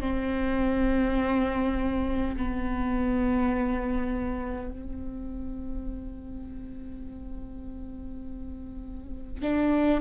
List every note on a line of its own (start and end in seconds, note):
0.00 2.35 C4
2.36 4.71 B3
4.71 9.42 C4
9.42 10.01 D4